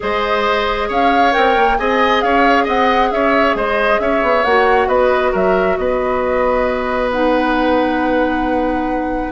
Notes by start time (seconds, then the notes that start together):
0.00 G#3 G#4 C5 D#5
0.88 C#4 C#5 F5
1.31 C4 A#4 G5
1.56 A#3
1.77 C4 G#4 D#5 G#5
2.21 C#4 C#5 F5
2.64 C4 D#5 F#5
3.11 C#4 C#5 E5
3.54 G#3 C5 D#5
3.99 C#4 C#5 E5
4.22 B3
4.44 A#3 F#4 F#5
4.87 B3 B4 D#5
5.31 F#3 A#4 E5
5.76 B3 B4 D#5
7.12 D#4 F#5